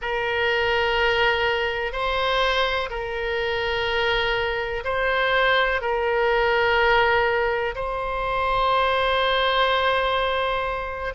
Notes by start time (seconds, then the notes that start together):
0.01 A#4
1.92 C5
2.89 A#4
4.84 C5
5.81 A#4
7.75 C5